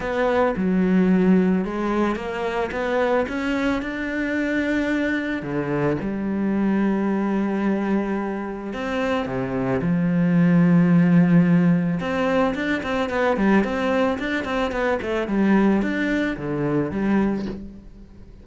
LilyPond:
\new Staff \with { instrumentName = "cello" } { \time 4/4 \tempo 4 = 110 b4 fis2 gis4 | ais4 b4 cis'4 d'4~ | d'2 d4 g4~ | g1 |
c'4 c4 f2~ | f2 c'4 d'8 c'8 | b8 g8 c'4 d'8 c'8 b8 a8 | g4 d'4 d4 g4 | }